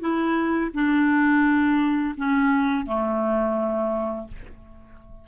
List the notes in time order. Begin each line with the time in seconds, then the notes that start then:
0.00 E4
0.73 D4
2.16 C#4
2.86 A3